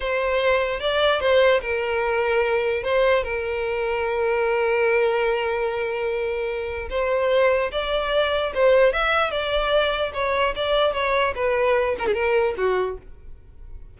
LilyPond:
\new Staff \with { instrumentName = "violin" } { \time 4/4 \tempo 4 = 148 c''2 d''4 c''4 | ais'2. c''4 | ais'1~ | ais'1~ |
ais'4 c''2 d''4~ | d''4 c''4 e''4 d''4~ | d''4 cis''4 d''4 cis''4 | b'4. ais'16 gis'16 ais'4 fis'4 | }